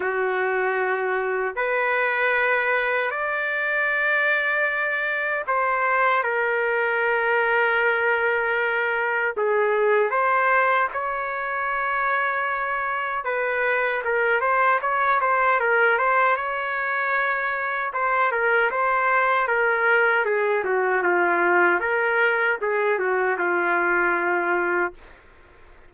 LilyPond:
\new Staff \with { instrumentName = "trumpet" } { \time 4/4 \tempo 4 = 77 fis'2 b'2 | d''2. c''4 | ais'1 | gis'4 c''4 cis''2~ |
cis''4 b'4 ais'8 c''8 cis''8 c''8 | ais'8 c''8 cis''2 c''8 ais'8 | c''4 ais'4 gis'8 fis'8 f'4 | ais'4 gis'8 fis'8 f'2 | }